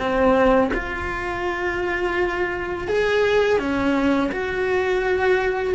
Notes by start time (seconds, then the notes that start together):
0.00 C4
0.74 F4
2.88 G#4
3.59 C#4
4.32 F#4